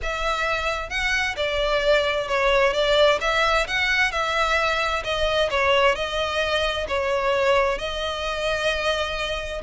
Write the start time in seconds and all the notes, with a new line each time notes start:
0.02 E5
0.89 F#5
1.36 D5
2.28 C#5
2.73 D5
3.20 E5
3.67 F#5
4.11 E5
5.04 D#5
5.50 C#5
5.95 D#5
6.88 C#5
7.78 D#5